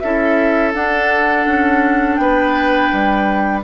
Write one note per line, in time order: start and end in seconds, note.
0.00 0.75 C#4
0.00 0.74 E4
0.00 2.21 A4
0.00 0.72 E5
0.74 3.63 D4
0.74 1.47 D4
0.74 2.16 F#5
1.47 2.19 C#4
2.16 2.91 B3
2.16 3.60 G5
2.22 3.64 B4
2.93 3.64 G3